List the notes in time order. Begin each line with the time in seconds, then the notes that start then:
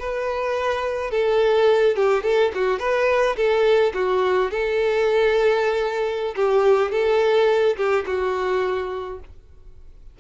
0.00 B4
1.12 A4
1.97 G4
2.24 A4
2.55 F#4
2.80 B4
3.37 A4
3.95 F#4
4.51 A4
6.36 G4
6.92 A4
7.77 G4
8.07 F#4